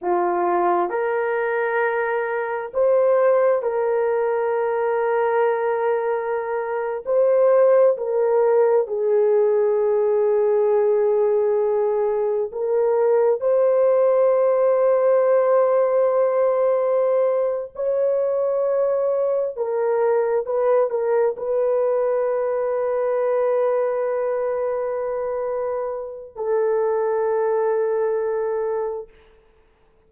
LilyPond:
\new Staff \with { instrumentName = "horn" } { \time 4/4 \tempo 4 = 66 f'4 ais'2 c''4 | ais'2.~ ais'8. c''16~ | c''8. ais'4 gis'2~ gis'16~ | gis'4.~ gis'16 ais'4 c''4~ c''16~ |
c''2.~ c''8 cis''8~ | cis''4. ais'4 b'8 ais'8 b'8~ | b'1~ | b'4 a'2. | }